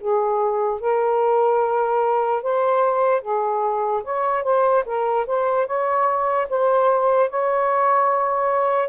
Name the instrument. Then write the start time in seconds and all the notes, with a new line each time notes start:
saxophone
0.00 G#4
0.80 A#4
2.43 C5
3.21 G#4
4.03 C#5
4.43 C5
4.85 A#4
5.26 C5
5.66 C#5
6.49 C5
7.29 C#5